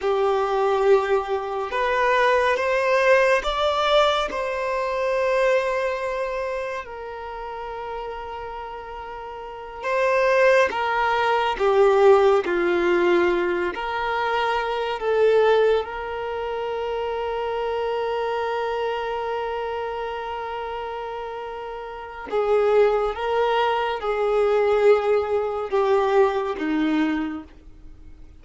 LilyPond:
\new Staff \with { instrumentName = "violin" } { \time 4/4 \tempo 4 = 70 g'2 b'4 c''4 | d''4 c''2. | ais'2.~ ais'8 c''8~ | c''8 ais'4 g'4 f'4. |
ais'4. a'4 ais'4.~ | ais'1~ | ais'2 gis'4 ais'4 | gis'2 g'4 dis'4 | }